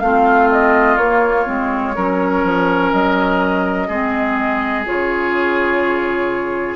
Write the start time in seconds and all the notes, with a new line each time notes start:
0.00 A3 C4 F4 F5
0.52 D#5
0.97 A#3 C#5
1.46 G#3 C4
1.96 F#3 C#4 A#4
2.44 F3
2.92 F#3 D#5
3.88 G#3 C4 G#4
4.86 C#3 F4 C#5